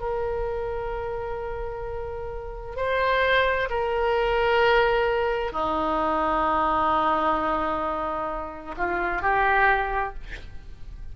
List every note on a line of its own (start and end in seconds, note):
0.00 2.77 A#4
2.77 3.69 C5
3.70 5.53 A#4
5.53 8.76 D#4
8.78 9.22 F4
9.22 10.15 G4